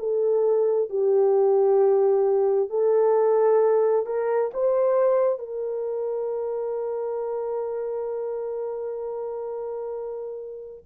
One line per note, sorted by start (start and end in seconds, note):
0.00 0.90 A4
0.90 2.70 G4
2.70 4.06 A4
4.06 4.52 A#4
4.54 5.39 C5
5.39 10.85 A#4